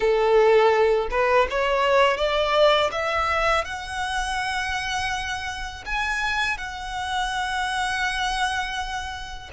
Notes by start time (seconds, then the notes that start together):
0.00 A4
1.10 B4
1.50 C#5
2.17 D5
2.91 E5
3.65 F#5
5.85 G#5
6.57 F#5